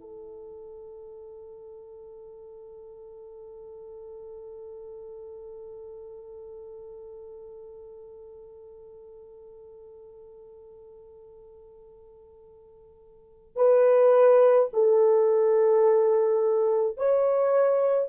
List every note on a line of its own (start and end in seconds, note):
0.00 13.55 A4
13.55 14.69 B4
14.73 16.97 A4
16.97 18.08 C#5